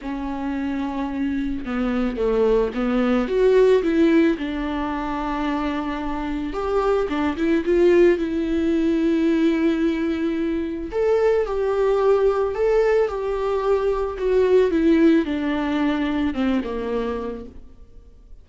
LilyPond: \new Staff \with { instrumentName = "viola" } { \time 4/4 \tempo 4 = 110 cis'2. b4 | a4 b4 fis'4 e'4 | d'1 | g'4 d'8 e'8 f'4 e'4~ |
e'1 | a'4 g'2 a'4 | g'2 fis'4 e'4 | d'2 c'8 ais4. | }